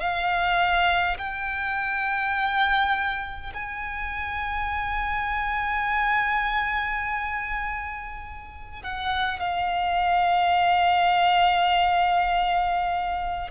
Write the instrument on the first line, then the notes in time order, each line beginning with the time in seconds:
violin
0.00 F5
1.18 G5
3.55 G#5
8.83 F#5
9.40 F5